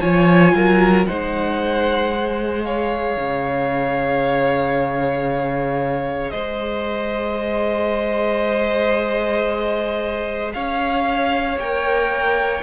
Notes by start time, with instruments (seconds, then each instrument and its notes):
0.00 cello F3, viola F4, violin C#5 G#5
0.53 cello F#3, violin A#4
1.06 cello G#3, viola D#4, violin C5 F#5
2.12 viola G#4
2.64 violin C#5 F5
3.16 cello C#3
6.30 cello G#3, violin C5 D#5
10.53 cello C#4, violin C#5 F5
11.57 cello A#3, viola A#4, violin G5